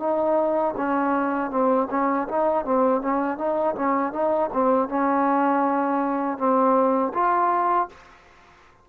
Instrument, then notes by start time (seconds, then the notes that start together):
trombone
0.00 D#4
0.77 C#4
1.51 C4
1.91 C#4
2.29 D#4
2.66 C4
3.02 C#4
3.38 D#4
3.76 C#4
4.13 D#4
4.54 C4
4.89 C#4
6.38 C4
7.14 F4